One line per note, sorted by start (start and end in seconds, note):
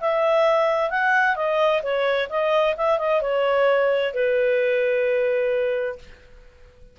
0.00 0.90 E5
0.90 1.36 F#5
1.36 1.82 D#5
1.82 2.28 C#5
2.29 2.75 D#5
2.77 2.98 E5
2.98 3.21 D#5
3.21 4.13 C#5
4.14 5.98 B4